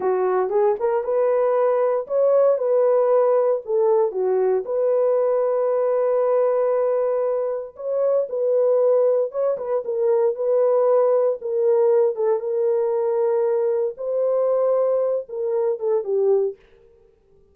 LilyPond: \new Staff \with { instrumentName = "horn" } { \time 4/4 \tempo 4 = 116 fis'4 gis'8 ais'8 b'2 | cis''4 b'2 a'4 | fis'4 b'2.~ | b'2. cis''4 |
b'2 cis''8 b'8 ais'4 | b'2 ais'4. a'8 | ais'2. c''4~ | c''4. ais'4 a'8 g'4 | }